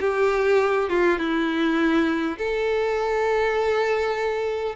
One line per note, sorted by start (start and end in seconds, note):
0.00 0.89 G4
0.89 1.18 F4
1.18 2.37 E4
2.38 4.75 A4